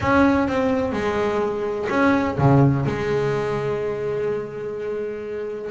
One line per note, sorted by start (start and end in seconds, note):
0.00 0.48 C#4
0.48 0.92 C4
0.92 1.87 G#3
1.89 2.37 C#4
2.38 2.85 C#3
2.85 5.70 G#3